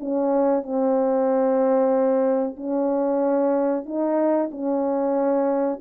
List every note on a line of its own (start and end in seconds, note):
0.00 0.62 C#4
0.62 2.56 C4
2.56 3.85 C#4
3.85 4.50 D#4
4.51 5.80 C#4